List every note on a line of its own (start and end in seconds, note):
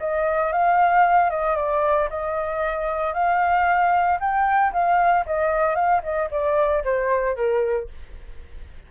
0.00 0.53 D#5
0.53 1.31 F5
1.31 1.56 D#5
1.56 2.09 D5
2.10 3.14 D#5
3.14 4.19 F5
4.20 4.73 G5
4.73 5.26 F5
5.26 5.76 D#5
5.76 6.02 F5
6.03 6.30 D#5
6.31 6.84 D5
6.84 7.36 C5
7.36 7.89 A#4